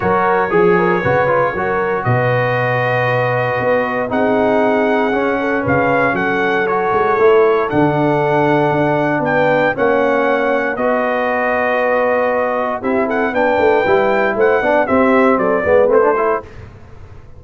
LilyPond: <<
  \new Staff \with { instrumentName = "trumpet" } { \time 4/4 \tempo 4 = 117 cis''1 | dis''1 | fis''2. f''4 | fis''4 cis''2 fis''4~ |
fis''2 g''4 fis''4~ | fis''4 dis''2.~ | dis''4 e''8 fis''8 g''2 | fis''4 e''4 d''4 c''4 | }
  \new Staff \with { instrumentName = "horn" } { \time 4/4 ais'4 gis'8 ais'8 b'4 ais'4 | b'1 | gis'2~ gis'8 a'8 b'4 | a'1~ |
a'2 b'4 cis''4~ | cis''4 b'2.~ | b'4 g'8 a'8 b'2 | c''8 d''8 g'4 a'8 b'4 a'8 | }
  \new Staff \with { instrumentName = "trombone" } { \time 4/4 fis'4 gis'4 fis'8 f'8 fis'4~ | fis'1 | dis'2 cis'2~ | cis'4 fis'4 e'4 d'4~ |
d'2. cis'4~ | cis'4 fis'2.~ | fis'4 e'4 d'4 e'4~ | e'8 d'8 c'4. b8 c'16 d'16 e'8 | }
  \new Staff \with { instrumentName = "tuba" } { \time 4/4 fis4 f4 cis4 fis4 | b,2. b4 | c'2 cis'4 cis4 | fis4. gis8 a4 d4~ |
d4 d'4 b4 ais4~ | ais4 b2.~ | b4 c'4 b8 a8 g4 | a8 b8 c'4 fis8 gis8 a4 | }
>>